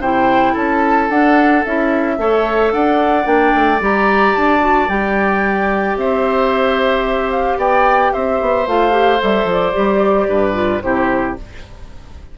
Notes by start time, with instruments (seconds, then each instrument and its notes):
0.00 bassoon C3, clarinet E4, oboe C5, flute G5
0.53 bassoon C#4, oboe A4, flute A5
1.09 bassoon D4, clarinet D4, flute F#5
1.65 bassoon C#4, clarinet E4, flute E5
2.18 bassoon A3, clarinet A4, oboe C#5
2.72 bassoon D4, oboe D5, flute F#5
3.24 bassoon A#3, clarinet D4, flute G5
3.55 bassoon A3
3.81 bassoon G3, clarinet G4, flute A#5
4.35 bassoon D4, flute A5
4.60 clarinet F#4
4.89 bassoon G3, clarinet G4, flute G5
5.96 bassoon C4, oboe C5, flute E5
7.31 flute F5
7.57 bassoon B3, oboe D5, flute G5
8.13 bassoon C4, oboe C5, flute E5
8.41 bassoon B3
8.67 bassoon A3, clarinet F4, flute F5
8.91 clarinet G4
9.19 bassoon G3, clarinet A4, flute E5
9.45 bassoon F3
9.51 flute D5
9.73 bassoon G3, clarinet G4
10.28 bassoon G2, oboe B4
10.53 clarinet F4
10.81 bassoon C3, clarinet E4, oboe G4, flute C5